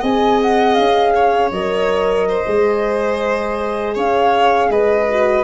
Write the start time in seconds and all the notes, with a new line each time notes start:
0.00 C4 G#4 D#5 G#5
0.42 F#5
0.74 C#4 F5
1.15 C#5
1.52 F#3 A#4 D#5
2.28 C5
2.46 G#3 G#4
3.94 C#4 C#5 F5
4.69 G#3 B4 D#5
5.09 F#4